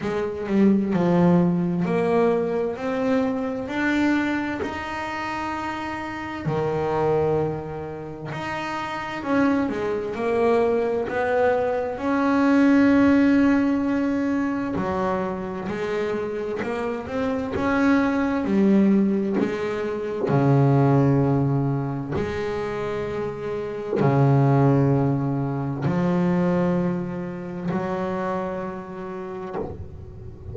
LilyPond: \new Staff \with { instrumentName = "double bass" } { \time 4/4 \tempo 4 = 65 gis8 g8 f4 ais4 c'4 | d'4 dis'2 dis4~ | dis4 dis'4 cis'8 gis8 ais4 | b4 cis'2. |
fis4 gis4 ais8 c'8 cis'4 | g4 gis4 cis2 | gis2 cis2 | f2 fis2 | }